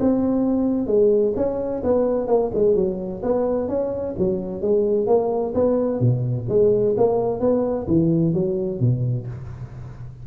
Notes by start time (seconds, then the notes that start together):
0.00 C4
0.87 G#3
1.36 C#4
1.84 B3
2.27 A#3
2.55 G#3
2.75 F#3
3.23 B3
3.69 C#4
4.18 F#3
4.62 G#3
5.07 A#3
5.55 B3
6.00 B2
6.49 G#3
6.97 A#3
7.40 B3
7.87 E3
8.34 F#3
8.80 B2